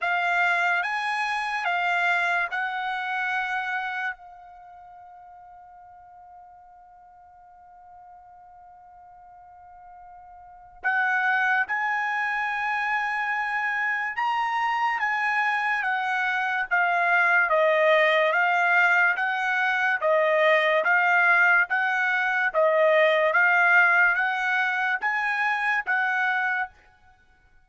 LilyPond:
\new Staff \with { instrumentName = "trumpet" } { \time 4/4 \tempo 4 = 72 f''4 gis''4 f''4 fis''4~ | fis''4 f''2.~ | f''1~ | f''4 fis''4 gis''2~ |
gis''4 ais''4 gis''4 fis''4 | f''4 dis''4 f''4 fis''4 | dis''4 f''4 fis''4 dis''4 | f''4 fis''4 gis''4 fis''4 | }